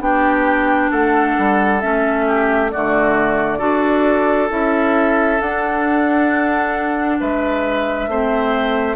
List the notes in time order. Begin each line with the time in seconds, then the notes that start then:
0.00 B3 D4 G4 G5
0.91 A3 A4 F#5
1.38 G3
1.81 A3 C#4 E5
2.26 G4
2.71 D3 A3 F#4 D5
3.58 D4 F#4 A4
4.49 C#4 E4 E5
5.40 D4 F#5
7.20 G#3 B4 E5
8.07 A3 C4 C5